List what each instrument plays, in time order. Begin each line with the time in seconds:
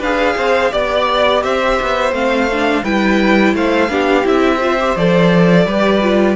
0.00 cello D4, viola G#4, violin B4 F5
0.37 cello C4, violin C5
0.71 cello B3, viola G4, violin D5
1.43 cello C4, violin C5 E5
1.82 cello B3
2.12 cello A3, viola C4, violin F5
2.53 viola D4
2.84 cello G3, viola E4, violin B4 G5
3.54 cello A3, violin C5 F5
3.89 cello B3, viola D4, violin G4
4.24 cello C4, viola E4, violin E5
4.57 viola F4, violin C5
4.80 viola G4
4.97 cello F3, viola A4, violin D5
5.66 cello G3, viola G4, violin B4
6.02 viola F4